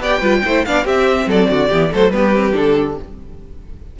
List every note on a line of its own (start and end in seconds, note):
0.00 0.21 B3
0.00 0.22 G4
0.00 0.20 D5
0.00 0.65 G5
0.20 0.43 G3
0.20 0.43 F4
0.20 0.41 B4
0.45 0.66 A3
0.45 0.67 E4
0.45 0.67 C5
0.65 0.86 B3
0.65 0.85 D4
0.65 0.85 D5
0.65 0.87 F5
0.85 1.69 C4
0.85 1.27 C4
0.85 1.27 G4
0.85 1.30 E5
1.27 1.48 F#3
1.27 1.50 A4
1.27 1.94 D5
1.50 1.71 D3
1.50 1.69 F#4
1.69 1.94 E3
1.69 1.90 B3
1.69 1.90 G4
1.90 2.11 F#3
1.90 2.12 A3
1.90 2.14 A4
1.90 2.12 C5
2.11 2.53 G3
2.11 2.34 B3
2.11 3.00 G4
2.11 2.54 B4
2.34 2.53 C4
2.53 2.99 D3
2.53 2.95 D4
2.53 2.98 A4